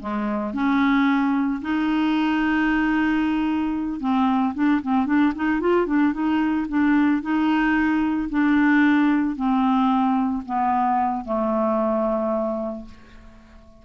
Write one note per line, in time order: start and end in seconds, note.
0.00 0.54 G#3
0.54 1.61 C#4
1.61 4.00 D#4
4.00 4.54 C4
4.54 4.81 D4
4.82 5.06 C4
5.06 5.33 D4
5.35 5.60 D#4
5.60 5.86 F4
5.86 6.13 D4
6.13 6.67 D#4
6.69 7.22 D4
7.22 8.29 D#4
8.29 9.36 D4
9.36 10.43 C4
10.46 11.25 B3
11.25 12.85 A3